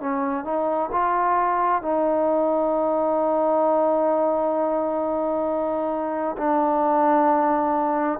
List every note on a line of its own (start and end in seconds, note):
0.00 0.44 C#4
0.44 0.90 D#4
0.92 1.82 F4
1.82 6.36 D#4
6.37 8.19 D4